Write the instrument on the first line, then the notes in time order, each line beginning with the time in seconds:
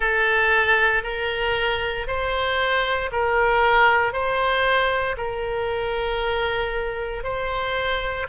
oboe
0.00 A4
1.03 A#4
2.07 C5
3.11 A#4
4.12 C5
5.17 A#4
7.23 C5